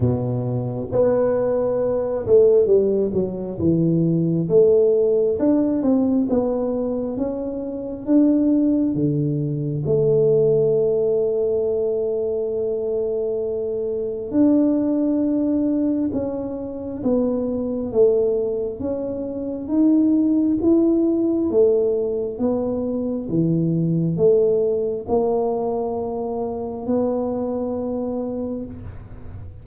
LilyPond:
\new Staff \with { instrumentName = "tuba" } { \time 4/4 \tempo 4 = 67 b,4 b4. a8 g8 fis8 | e4 a4 d'8 c'8 b4 | cis'4 d'4 d4 a4~ | a1 |
d'2 cis'4 b4 | a4 cis'4 dis'4 e'4 | a4 b4 e4 a4 | ais2 b2 | }